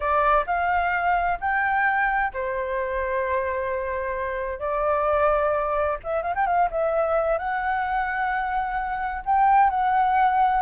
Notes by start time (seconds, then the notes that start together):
0.00 D5
0.46 F5
1.40 G5
2.33 C5
4.59 D5
6.03 E5
6.22 F5
6.35 G5
6.46 F5
6.70 E5
7.38 F#5
9.25 G5
9.69 F#5